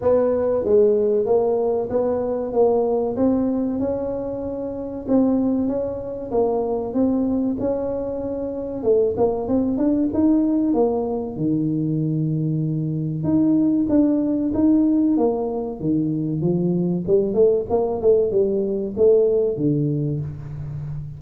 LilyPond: \new Staff \with { instrumentName = "tuba" } { \time 4/4 \tempo 4 = 95 b4 gis4 ais4 b4 | ais4 c'4 cis'2 | c'4 cis'4 ais4 c'4 | cis'2 a8 ais8 c'8 d'8 |
dis'4 ais4 dis2~ | dis4 dis'4 d'4 dis'4 | ais4 dis4 f4 g8 a8 | ais8 a8 g4 a4 d4 | }